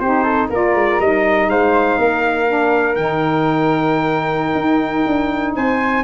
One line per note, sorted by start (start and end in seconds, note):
0.00 0.50 C4
0.00 0.53 D#4
0.00 0.23 G4
0.00 0.49 C5
0.23 0.48 A4
0.50 0.74 A#3
0.50 1.02 F4
0.50 1.48 A#4
0.50 1.01 D5
0.74 0.99 G#3
1.00 1.48 G3
1.00 2.47 D#4
1.00 1.50 D#5
1.48 1.97 G#3
1.48 1.99 C5
1.48 2.96 F5
1.99 2.97 A#3
1.99 5.55 A#4
2.47 2.97 D4
2.96 4.55 D#3
2.96 6.04 D#4
2.96 5.54 G5
4.55 5.04 D#4
5.07 5.56 D4
5.55 6.04 C4
5.55 6.04 C5
5.55 6.04 G#5